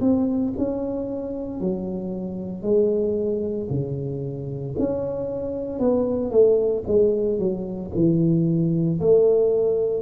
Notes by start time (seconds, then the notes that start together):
0.00 C4
0.57 C#4
1.60 F#3
2.62 G#3
3.70 C#3
4.78 C#4
5.79 B3
6.31 A3
6.87 G#3
7.38 F#3
7.94 E3
9.00 A3